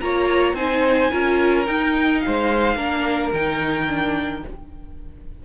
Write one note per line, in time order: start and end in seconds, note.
0.00 0.53 A#3
0.00 0.56 F4
0.00 0.56 C#5
0.00 0.55 A#5
0.53 1.09 C4
0.53 1.11 D#4
0.53 1.11 C5
0.53 1.66 G#5
1.11 1.68 C#4
1.11 1.65 F4
1.11 2.22 A#4
1.65 2.76 D#4
1.65 2.23 D#4
1.65 2.20 G5
2.20 2.76 C5
2.20 3.31 F5
2.27 2.75 G#3
2.75 3.31 A#3
2.75 3.32 D4
2.75 4.43 A#4
3.33 4.44 D#3
3.33 3.87 D#4
3.33 4.45 G5
3.87 4.43 D4